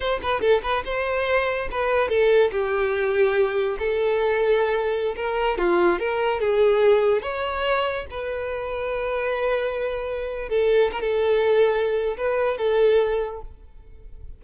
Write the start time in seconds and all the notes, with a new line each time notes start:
0.00 C5
0.22 B4
0.40 A4
0.62 B4
0.84 C5
1.71 B4
2.08 A4
2.51 G4
3.79 A4
5.16 A#4
5.57 F4
5.99 A#4
6.40 G#4
7.22 C#5
8.10 B4
10.49 A4
10.91 A#4
11.01 A4
12.17 B4
12.57 A4